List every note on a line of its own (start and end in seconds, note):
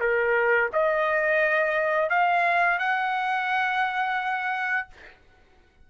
0.00 0.70 A#4
0.72 2.10 D#5
2.10 2.78 F5
2.78 4.88 F#5